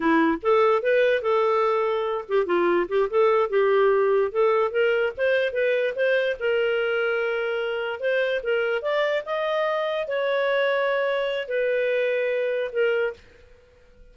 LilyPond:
\new Staff \with { instrumentName = "clarinet" } { \time 4/4 \tempo 4 = 146 e'4 a'4 b'4 a'4~ | a'4. g'8 f'4 g'8 a'8~ | a'8 g'2 a'4 ais'8~ | ais'8 c''4 b'4 c''4 ais'8~ |
ais'2.~ ais'8 c''8~ | c''8 ais'4 d''4 dis''4.~ | dis''8 cis''2.~ cis''8 | b'2. ais'4 | }